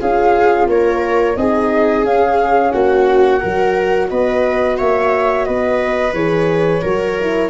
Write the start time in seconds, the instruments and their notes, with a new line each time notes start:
0.00 tuba C#4, horn F4, viola G#4, flute F5
0.67 tuba A#3, viola A#4, flute C#5
1.37 tuba C4, horn D#4, viola G#4, flute D#5
2.04 tuba C#4, horn C#4, flute F5
2.72 tuba A#3, viola F#4, flute F#5
3.41 tuba F#3, horn F#4, viola A#4
4.09 tuba B3, viola B4, flute D#5
4.78 tuba A#3, viola C#5, flute E5
5.45 tuba B3, viola B4, flute D#5
6.13 tuba E3, horn G#4, flute C#5
6.82 tuba F#3, horn F#4, viola A#4
7.21 horn E4